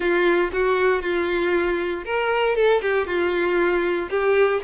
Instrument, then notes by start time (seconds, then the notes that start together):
violin
0.00 F4
0.52 F#4
1.02 F4
2.05 A#4
2.55 A4
2.81 G4
3.06 F4
4.09 G4